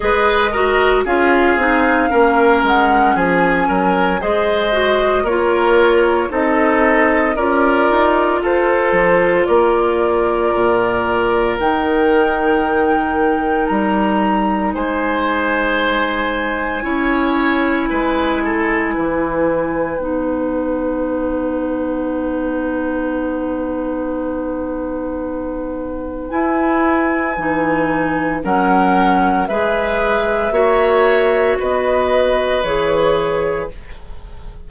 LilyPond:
<<
  \new Staff \with { instrumentName = "flute" } { \time 4/4 \tempo 4 = 57 dis''4 f''4. fis''8 gis''4 | dis''4 cis''4 dis''4 d''4 | c''4 d''2 g''4~ | g''4 ais''4 gis''2~ |
gis''2. fis''4~ | fis''1~ | fis''4 gis''2 fis''4 | e''2 dis''4 cis''4 | }
  \new Staff \with { instrumentName = "oboe" } { \time 4/4 b'8 ais'8 gis'4 ais'4 gis'8 ais'8 | c''4 ais'4 a'4 ais'4 | a'4 ais'2.~ | ais'2 c''2 |
cis''4 b'8 a'8 b'2~ | b'1~ | b'2. ais'4 | b'4 cis''4 b'2 | }
  \new Staff \with { instrumentName = "clarinet" } { \time 4/4 gis'8 fis'8 f'8 dis'8 cis'2 | gis'8 fis'8 f'4 dis'4 f'4~ | f'2. dis'4~ | dis'1 |
e'2. dis'4~ | dis'1~ | dis'4 e'4 dis'4 cis'4 | gis'4 fis'2 gis'4 | }
  \new Staff \with { instrumentName = "bassoon" } { \time 4/4 gis4 cis'8 c'8 ais8 gis8 f8 fis8 | gis4 ais4 c'4 cis'8 dis'8 | f'8 f8 ais4 ais,4 dis4~ | dis4 g4 gis2 |
cis'4 gis4 e4 b4~ | b1~ | b4 e'4 e4 fis4 | gis4 ais4 b4 e4 | }
>>